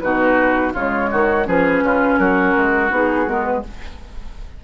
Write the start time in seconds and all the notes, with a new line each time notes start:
0.00 B2 D#4 F#4 B4
0.73 C#3 G#3 F4 C#5
1.11 D#3 F#4
1.46 F3 C#4 G#4 B4
1.82 C#3 F4
2.18 F#3 F#4 A#4
2.56 G#3
2.90 B3 D#4 G#4
3.26 G#3 B3 A#4
3.44 B4